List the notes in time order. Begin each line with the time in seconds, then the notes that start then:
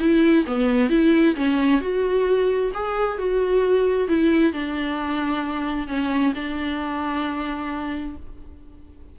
0.00 E4
0.47 B3
0.90 E4
1.36 C#4
1.81 F#4
2.74 G#4
3.19 F#4
4.08 E4
4.53 D4
5.88 C#4
6.35 D4